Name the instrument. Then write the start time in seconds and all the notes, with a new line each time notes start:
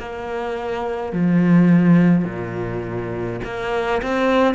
cello
0.00 A#3
1.13 F3
2.25 A#2
3.45 A#3
4.03 C4